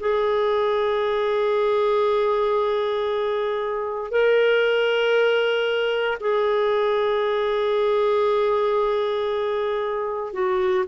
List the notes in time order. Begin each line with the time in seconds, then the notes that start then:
0.00 G#4
4.11 A#4
6.21 G#4
10.34 F#4